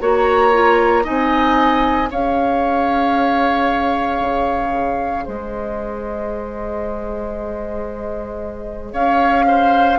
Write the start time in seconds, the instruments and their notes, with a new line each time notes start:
0.00 bassoon A#3, clarinet F#4, oboe C#5, flute A#5
0.53 clarinet F4
1.04 bassoon C4, clarinet D#4, oboe D#5, flute G#5
2.08 bassoon C#4, clarinet G#4, oboe C#5, flute F5
4.21 bassoon C#3
5.25 bassoon G#3, oboe C5, flute D#5
8.93 bassoon C#4, oboe C#5, flute F5
9.48 oboe C5